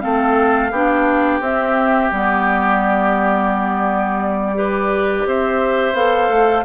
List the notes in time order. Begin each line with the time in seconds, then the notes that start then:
0.00 A3 C4 A4 F5
0.72 B3 D4 G4
1.40 C4 E5
2.11 G3 B3 D5
4.55 G4 B4
5.26 C4 C5 E5
5.93 B3 A4 F5
6.29 A3